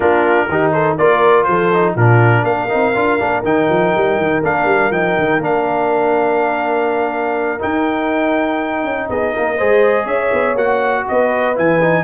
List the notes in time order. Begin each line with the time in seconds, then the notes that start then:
0.00 A#3 D4 F4 A#4
0.49 D#3 D#4 G4
0.72 A4 C5
0.97 A#3 F4 A#4 D5
1.43 F3 A4 C5
1.73 D#4
1.95 A#2 D4 F4 A#4
2.43 A#3 A#4 F5
2.68 C4 D#4
2.95 D4 F4
3.19 A#3 D4
3.43 D#3 D#4 G5
3.69 F3
3.96 G3
4.17 D#3
4.43 A#3 D4 F5
4.64 G3
4.90 F3 D#4 G5
5.18 D#3
5.38 A#3 D4
5.44 F5
7.59 D#4 G5
8.84 C#4
9.09 B3 G#4 D#5
9.33 A#3 A#4
9.57 G#3 G#4 C5
10.04 C#4 C#5 E5
10.32 B3
10.55 A#3 F#4 F#5
11.08 B3 B4 D#5
11.55 E3 E4 G#5
11.81 D#4